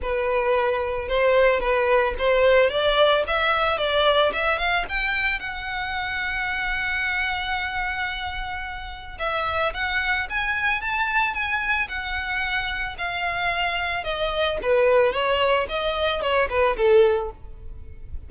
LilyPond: \new Staff \with { instrumentName = "violin" } { \time 4/4 \tempo 4 = 111 b'2 c''4 b'4 | c''4 d''4 e''4 d''4 | e''8 f''8 g''4 fis''2~ | fis''1~ |
fis''4 e''4 fis''4 gis''4 | a''4 gis''4 fis''2 | f''2 dis''4 b'4 | cis''4 dis''4 cis''8 b'8 a'4 | }